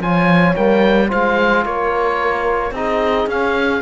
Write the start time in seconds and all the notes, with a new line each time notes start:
0.00 F3 F4 C#5 G#5
0.56 G3 A#3 G5
1.09 G#3 F4 C5 F5
1.65 A#3 A#4 C#5
2.72 C4 D#4 G#4 D#5
3.27 C#4 F5